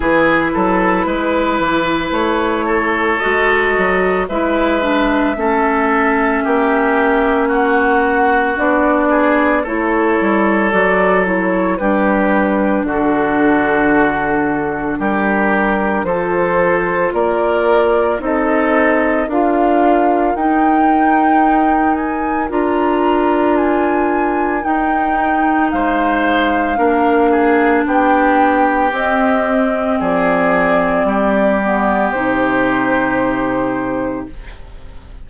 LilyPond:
<<
  \new Staff \with { instrumentName = "flute" } { \time 4/4 \tempo 4 = 56 b'2 cis''4 dis''4 | e''2. fis''4 | d''4 cis''4 d''8 cis''8 b'4 | a'2 ais'4 c''4 |
d''4 dis''4 f''4 g''4~ | g''8 gis''8 ais''4 gis''4 g''4 | f''2 g''4 dis''4 | d''2 c''2 | }
  \new Staff \with { instrumentName = "oboe" } { \time 4/4 gis'8 a'8 b'4. a'4. | b'4 a'4 g'4 fis'4~ | fis'8 gis'8 a'2 g'4 | fis'2 g'4 a'4 |
ais'4 a'4 ais'2~ | ais'1 | c''4 ais'8 gis'8 g'2 | gis'4 g'2. | }
  \new Staff \with { instrumentName = "clarinet" } { \time 4/4 e'2. fis'4 | e'8 d'8 cis'2. | d'4 e'4 fis'8 e'8 d'4~ | d'2. f'4~ |
f'4 dis'4 f'4 dis'4~ | dis'4 f'2 dis'4~ | dis'4 d'2 c'4~ | c'4. b8 dis'2 | }
  \new Staff \with { instrumentName = "bassoon" } { \time 4/4 e8 fis8 gis8 e8 a4 gis8 fis8 | gis4 a4 ais2 | b4 a8 g8 fis4 g4 | d2 g4 f4 |
ais4 c'4 d'4 dis'4~ | dis'4 d'2 dis'4 | gis4 ais4 b4 c'4 | f4 g4 c2 | }
>>